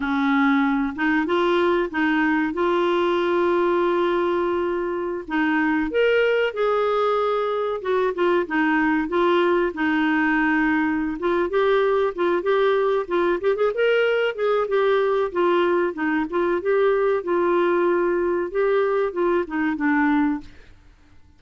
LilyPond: \new Staff \with { instrumentName = "clarinet" } { \time 4/4 \tempo 4 = 94 cis'4. dis'8 f'4 dis'4 | f'1~ | f'16 dis'4 ais'4 gis'4.~ gis'16~ | gis'16 fis'8 f'8 dis'4 f'4 dis'8.~ |
dis'4. f'8 g'4 f'8 g'8~ | g'8 f'8 g'16 gis'16 ais'4 gis'8 g'4 | f'4 dis'8 f'8 g'4 f'4~ | f'4 g'4 f'8 dis'8 d'4 | }